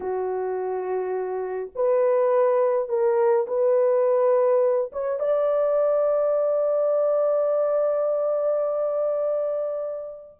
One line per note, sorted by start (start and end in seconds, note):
0.00 1.70 F#4
1.75 2.88 B4
2.88 3.46 A#4
3.47 4.91 B4
4.92 5.19 C#5
5.19 10.38 D5